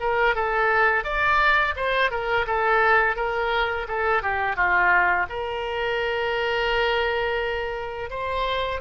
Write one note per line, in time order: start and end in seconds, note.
0.00 0.35 A#4
0.35 1.04 A4
1.04 1.75 D5
1.76 2.11 C5
2.11 2.46 A#4
2.47 3.16 A4
3.16 3.87 A#4
3.88 4.23 A4
4.23 4.56 G4
4.56 5.27 F4
5.29 8.10 A#4
8.10 8.81 C5